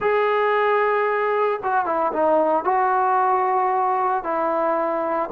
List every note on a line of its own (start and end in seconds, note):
0.00 1.60 G#4
1.63 1.85 F#4
1.85 2.12 E4
2.12 2.64 D#4
2.64 4.23 F#4
4.23 5.29 E4